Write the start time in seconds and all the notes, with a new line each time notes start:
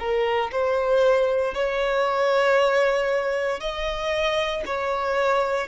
0.00 A#4
0.52 C5
1.55 C#5
3.61 D#5
4.66 C#5